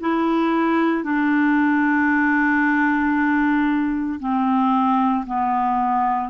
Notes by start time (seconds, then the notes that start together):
0.00 E4
1.03 D4
4.20 C4
5.26 B3